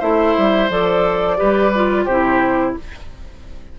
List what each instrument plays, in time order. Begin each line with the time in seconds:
0.00 bassoon A3, clarinet E4, oboe C5, flute E5
0.38 bassoon G3
0.70 bassoon F3, clarinet A4, flute D5
1.37 bassoon G3, clarinet G4, oboe B4
1.75 clarinet F4
2.05 bassoon C3, clarinet E4, oboe G4, flute C5